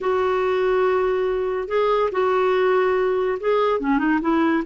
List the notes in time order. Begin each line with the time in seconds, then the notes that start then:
0.00 F#4
1.67 G#4
2.11 F#4
3.40 G#4
3.80 C#4
3.98 D#4
4.21 E4